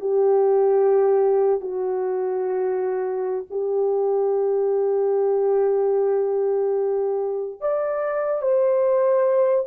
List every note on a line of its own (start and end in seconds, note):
0.00 1.61 G4
1.61 3.46 F#4
3.50 7.61 G4
7.61 8.42 D5
8.42 9.65 C5